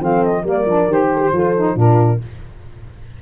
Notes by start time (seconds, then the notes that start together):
0.00 F3 C4 A4 F5
0.24 D#5
0.43 G3 A#3 A#4
0.50 D5
0.66 F3 D4
0.88 D#3 G4 C5
1.13 A4
1.21 G4
1.33 F3 F4 A4
1.57 D#4
1.76 A#2 D4 F4 A#4